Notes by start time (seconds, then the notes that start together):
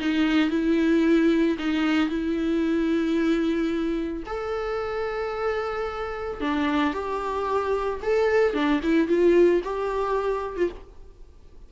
0.00 D#4
0.50 E4
1.59 D#4
2.10 E4
4.27 A4
6.41 D4
6.94 G4
8.03 A4
8.54 D4
8.84 E4
9.09 F4
9.64 G4
10.57 F4